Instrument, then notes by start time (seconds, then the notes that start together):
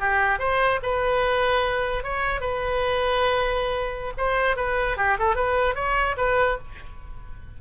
oboe
0.00 G4
0.39 C5
0.83 B4
2.04 C#5
2.41 B4
4.18 C5
4.56 B4
4.97 G4
5.19 A4
5.35 B4
5.75 C#5
6.17 B4